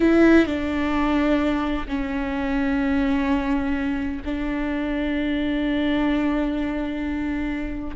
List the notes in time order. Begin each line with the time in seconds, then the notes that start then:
0.00 E4
0.46 D4
1.87 C#4
4.24 D4